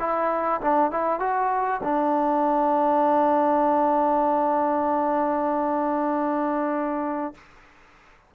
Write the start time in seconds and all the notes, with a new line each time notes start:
0.00 E4
0.61 D4
0.92 E4
1.20 F#4
1.84 D4